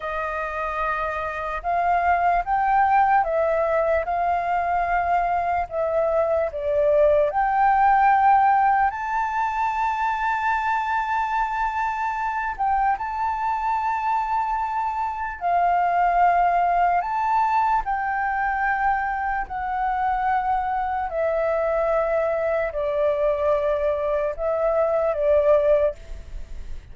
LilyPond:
\new Staff \with { instrumentName = "flute" } { \time 4/4 \tempo 4 = 74 dis''2 f''4 g''4 | e''4 f''2 e''4 | d''4 g''2 a''4~ | a''2.~ a''8 g''8 |
a''2. f''4~ | f''4 a''4 g''2 | fis''2 e''2 | d''2 e''4 d''4 | }